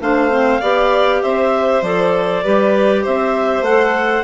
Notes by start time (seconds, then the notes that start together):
0.00 A3 D4 C5 F5
0.30 C4
0.61 B3 G4 D5
1.22 C4 C5 E5
1.82 F3 A4 D5
2.43 G3 G4 B4
3.03 C4 C5 E5
3.61 A3 F#5
3.67 A4